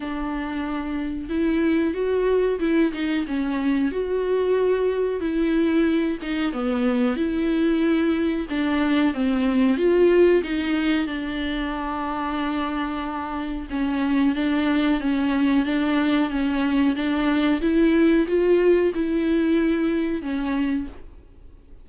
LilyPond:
\new Staff \with { instrumentName = "viola" } { \time 4/4 \tempo 4 = 92 d'2 e'4 fis'4 | e'8 dis'8 cis'4 fis'2 | e'4. dis'8 b4 e'4~ | e'4 d'4 c'4 f'4 |
dis'4 d'2.~ | d'4 cis'4 d'4 cis'4 | d'4 cis'4 d'4 e'4 | f'4 e'2 cis'4 | }